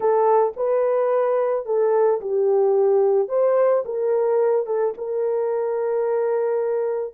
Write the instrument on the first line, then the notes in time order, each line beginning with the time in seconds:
horn
0.00 A4
0.56 B4
1.65 A4
2.20 G4
3.28 C5
3.85 A#4
4.66 A4
4.97 A#4